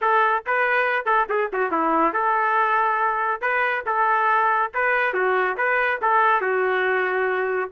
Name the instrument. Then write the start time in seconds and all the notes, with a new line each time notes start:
trumpet
0.01 A4
0.46 B4
1.05 A4
1.29 G#4
1.52 F#4
1.71 E4
2.13 A4
3.41 B4
3.86 A4
4.74 B4
5.13 F#4
5.57 B4
6.01 A4
6.41 F#4